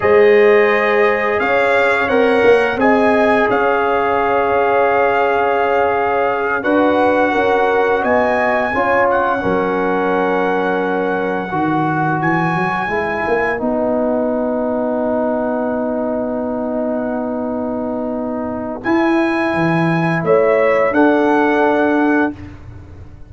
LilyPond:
<<
  \new Staff \with { instrumentName = "trumpet" } { \time 4/4 \tempo 4 = 86 dis''2 f''4 fis''4 | gis''4 f''2.~ | f''4. fis''2 gis''8~ | gis''4 fis''2.~ |
fis''4. gis''2 fis''8~ | fis''1~ | fis''2. gis''4~ | gis''4 e''4 fis''2 | }
  \new Staff \with { instrumentName = "horn" } { \time 4/4 c''2 cis''2 | dis''4 cis''2.~ | cis''4. b'4 ais'4 dis''8~ | dis''8 cis''4 ais'2~ ais'8~ |
ais'8 b'2.~ b'8~ | b'1~ | b'1~ | b'4 cis''4 a'2 | }
  \new Staff \with { instrumentName = "trombone" } { \time 4/4 gis'2. ais'4 | gis'1~ | gis'4. fis'2~ fis'8~ | fis'8 f'4 cis'2~ cis'8~ |
cis'8 fis'2 e'4 dis'8~ | dis'1~ | dis'2. e'4~ | e'2 d'2 | }
  \new Staff \with { instrumentName = "tuba" } { \time 4/4 gis2 cis'4 c'8 ais8 | c'4 cis'2.~ | cis'4. d'4 cis'4 b8~ | b8 cis'4 fis2~ fis8~ |
fis8 dis4 e8 fis8 gis8 ais8 b8~ | b1~ | b2. e'4 | e4 a4 d'2 | }
>>